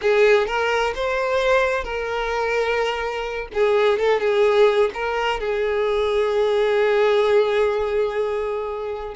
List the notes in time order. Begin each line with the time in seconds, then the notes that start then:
0.01 G#4
0.46 A#4
0.95 C5
1.83 A#4
3.53 G#4
3.98 A4
4.20 G#4
4.94 A#4
5.39 G#4